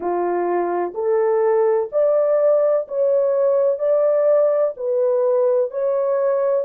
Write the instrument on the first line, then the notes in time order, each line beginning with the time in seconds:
horn
0.00 F4
0.94 A4
1.91 D5
2.87 C#5
3.78 D5
4.76 B4
5.70 C#5